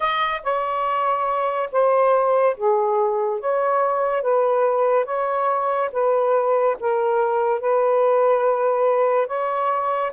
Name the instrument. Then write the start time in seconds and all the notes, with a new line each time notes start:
saxophone
0.00 D#5
0.43 C#5
1.72 C5
2.56 G#4
3.40 C#5
4.22 B4
5.05 C#5
5.92 B4
6.80 A#4
7.60 B4
9.27 C#5